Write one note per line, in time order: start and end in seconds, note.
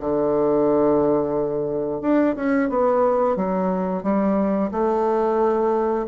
0.00 2.01 D3
2.01 2.35 D4
2.36 2.69 C#4
2.69 3.36 B3
3.36 4.03 F#3
4.03 4.70 G3
4.71 6.06 A3